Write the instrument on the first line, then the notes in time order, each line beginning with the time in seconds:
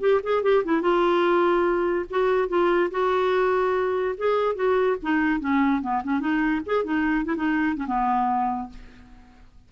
clarinet
0.00 G4
0.23 G#4
0.43 G4
0.64 E4
0.81 F4
2.10 F#4
2.48 F4
2.91 F#4
4.17 G#4
4.55 F#4
5.02 D#4
5.40 C#4
5.81 B3
6.03 C#4
6.20 D#4
6.66 G#4
6.84 D#4
7.25 E4
7.36 D#4
7.76 C#4
7.86 B3